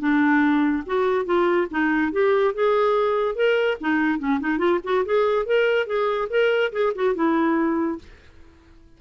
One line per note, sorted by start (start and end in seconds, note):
0.00 0.84 D4
0.87 1.26 F#4
1.26 1.68 F4
1.71 2.13 D#4
2.13 2.55 G4
2.55 3.36 G#4
3.36 3.78 A#4
3.81 4.19 D#4
4.19 4.40 C#4
4.41 4.59 D#4
4.59 4.80 F4
4.84 5.05 F#4
5.06 5.46 G#4
5.46 5.87 A#4
5.87 6.29 G#4
6.30 6.72 A#4
6.72 6.93 G#4
6.96 7.15 F#4
7.15 7.99 E4